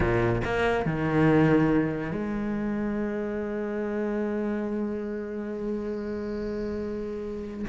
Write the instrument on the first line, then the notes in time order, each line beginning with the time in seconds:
cello
0.00 A#2
0.44 A#3
0.85 D#3
2.12 G#3